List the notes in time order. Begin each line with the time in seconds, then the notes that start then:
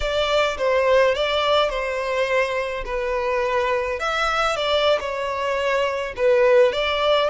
0.00 D5
0.57 C5
1.14 D5
1.69 C5
2.85 B4
3.99 E5
4.56 D5
4.99 C#5
6.16 B4
6.72 D5